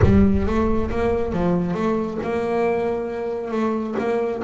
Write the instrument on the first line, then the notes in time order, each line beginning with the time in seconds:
double bass
0.02 G3
0.46 A3
0.90 A#3
1.32 F3
1.73 A3
2.22 A#3
3.51 A3
3.98 A#3